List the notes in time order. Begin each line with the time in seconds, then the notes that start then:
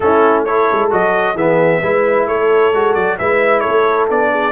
0.00 A3 C#4 E4 A4
0.44 E4 A4 C#5
0.72 G#3
0.90 F#3 F#4 D#5
1.34 E3 B3 G#4 E5
1.82 G#3 E4 B4
2.27 A3 A4 C#5
2.72 G#3 F#4
2.94 F#3 D5
3.18 G#3 E4 B4 E5
3.60 A4 C#5
3.67 A3
4.09 B3 D4 D5
4.31 G#4